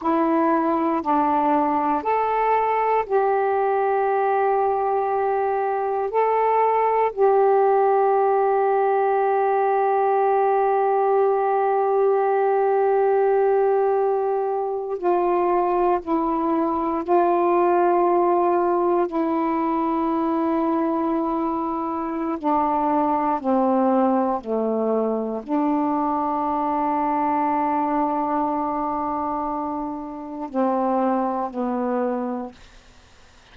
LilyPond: \new Staff \with { instrumentName = "saxophone" } { \time 4/4 \tempo 4 = 59 e'4 d'4 a'4 g'4~ | g'2 a'4 g'4~ | g'1~ | g'2~ g'8. f'4 e'16~ |
e'8. f'2 e'4~ e'16~ | e'2 d'4 c'4 | a4 d'2.~ | d'2 c'4 b4 | }